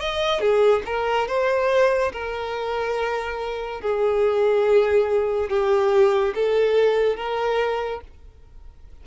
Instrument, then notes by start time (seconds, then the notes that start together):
violin
0.00 D#5
0.40 G#4
0.86 A#4
1.28 C5
2.12 A#4
3.81 G#4
5.50 G4
6.35 A4
7.16 A#4